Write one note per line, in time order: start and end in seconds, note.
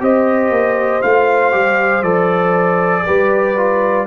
0.00 0.50 C4
0.00 1.02 G4
0.00 3.05 C5
0.00 1.02 D#5
0.50 1.01 A#3
1.02 1.54 A3
1.02 1.51 F4
1.02 2.03 F5
1.51 2.02 G3
1.51 2.02 G4
2.02 3.04 F3
2.02 3.04 A4
2.02 4.06 D5
3.05 4.07 G3
3.05 3.56 G4
3.05 4.06 B4
3.56 4.07 F4